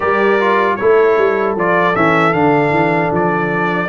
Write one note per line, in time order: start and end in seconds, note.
0.00 0.79 G3
0.00 0.39 G4
0.00 0.76 A#4
0.00 0.76 D5
0.39 0.78 F4
0.76 1.17 A3
0.76 1.57 E4
0.76 3.89 A4
0.76 1.54 C#5
1.17 1.56 G3
1.56 1.95 F3
1.56 1.94 F4
1.56 1.95 D5
1.94 2.34 E3
1.94 2.32 C#4
1.94 2.33 E5
2.32 2.70 D3
2.32 3.88 D4
2.32 3.11 F5
2.70 3.09 E3
3.11 3.89 F3
3.11 3.89 D5